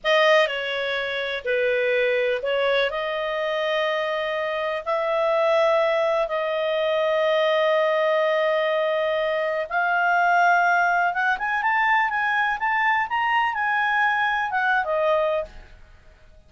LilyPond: \new Staff \with { instrumentName = "clarinet" } { \time 4/4 \tempo 4 = 124 dis''4 cis''2 b'4~ | b'4 cis''4 dis''2~ | dis''2 e''2~ | e''4 dis''2.~ |
dis''1 | f''2. fis''8 gis''8 | a''4 gis''4 a''4 ais''4 | gis''2 fis''8. dis''4~ dis''16 | }